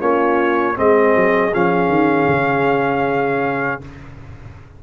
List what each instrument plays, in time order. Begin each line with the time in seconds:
0.00 tuba A#3, trombone C#4, horn F4, trumpet C#5
0.75 tuba G#3, trombone C4, horn G#4, trumpet D#5
1.16 tuba F#3
1.54 tuba F3, trombone C#4, trumpet F5
1.89 tuba D#3
2.28 tuba C#3